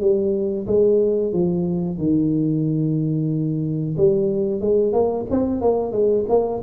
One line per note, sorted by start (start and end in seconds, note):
0.00 0.66 G3
0.67 1.32 G#3
1.32 1.98 F3
1.98 3.96 D#3
3.97 4.60 G3
4.60 4.92 G#3
4.92 5.25 A#3
5.30 5.61 C4
5.61 5.92 A#3
5.92 6.25 G#3
6.28 6.61 A#3